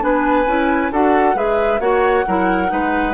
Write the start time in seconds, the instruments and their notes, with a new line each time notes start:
0.00 bassoon B3, clarinet D4, oboe B4, flute G#5
0.46 bassoon C#4, clarinet E4
0.91 bassoon D4, clarinet F#4, oboe A4, flute F#5
1.34 bassoon G#3, clarinet G#4, oboe B4, flute E5
1.79 bassoon A#3, clarinet F#4, oboe C#5, flute F#5
2.27 bassoon F#3, clarinet E4, oboe A#4
2.67 bassoon G#3, clarinet D#4, oboe B4